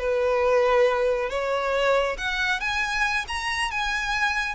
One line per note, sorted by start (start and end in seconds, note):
0.00 1.30 B4
1.30 2.17 C#5
2.18 2.60 F#5
2.60 3.26 G#5
3.28 3.71 A#5
3.71 4.55 G#5